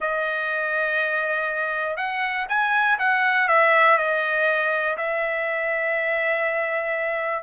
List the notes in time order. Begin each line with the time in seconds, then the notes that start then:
0.00 D#5
1.96 F#5
2.48 G#5
2.98 F#5
3.48 E5
3.97 D#5
4.97 E5